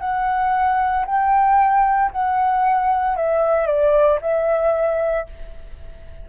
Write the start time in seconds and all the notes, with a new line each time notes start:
0.00 F#5
1.06 G5
2.11 F#5
3.16 E5
3.67 D5
4.21 E5